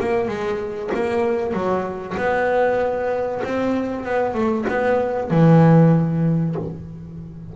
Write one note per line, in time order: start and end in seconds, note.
0.00 0.28 A#3
0.28 0.91 G#3
0.94 1.53 A#3
1.53 2.16 F#3
2.17 3.42 B3
3.44 4.05 C4
4.05 4.34 B3
4.34 4.66 A3
4.69 5.31 B3
5.31 6.56 E3